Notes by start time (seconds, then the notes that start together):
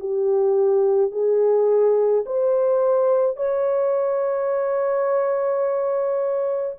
0.00 G4
1.12 G#4
2.26 C5
3.37 C#5